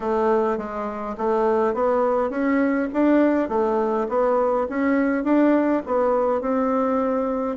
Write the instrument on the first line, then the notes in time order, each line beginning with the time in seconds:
bassoon
0.00 A3
0.57 G#3
1.17 A3
1.73 B3
2.30 C#4
2.93 D4
3.48 A3
4.09 B3
4.69 C#4
5.24 D4
5.86 B3
6.41 C4